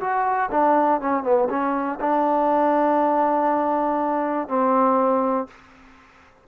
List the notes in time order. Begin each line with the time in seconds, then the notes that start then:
0.00 F#4
0.50 D4
1.00 C#4
1.23 B3
1.49 C#4
2.00 D4
4.48 C4